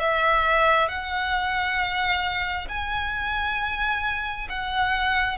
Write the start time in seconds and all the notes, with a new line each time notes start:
0.00 E5
0.89 F#5
2.69 G#5
4.50 F#5